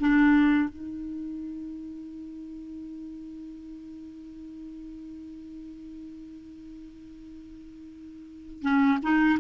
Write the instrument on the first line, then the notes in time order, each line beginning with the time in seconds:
clarinet
0.00 D4
0.69 D#4
8.62 C#4
9.03 D#4